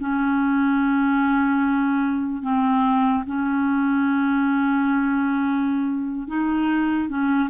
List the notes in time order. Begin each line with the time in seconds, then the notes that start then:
0.00 C#4
2.43 C4
3.27 C#4
6.28 D#4
7.09 C#4